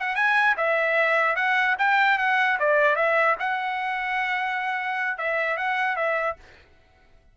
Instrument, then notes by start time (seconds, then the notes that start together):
trumpet
0.00 F#5
0.16 G#5
0.58 E5
1.36 F#5
1.79 G5
2.19 F#5
2.60 D5
2.96 E5
3.40 F#5
5.18 E5
5.57 F#5
5.97 E5